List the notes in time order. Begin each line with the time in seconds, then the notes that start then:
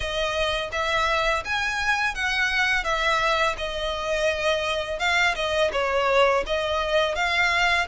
0.00 D#5
0.71 E5
1.44 G#5
2.14 F#5
2.84 E5
3.57 D#5
4.99 F5
5.35 D#5
5.72 C#5
6.46 D#5
7.15 F5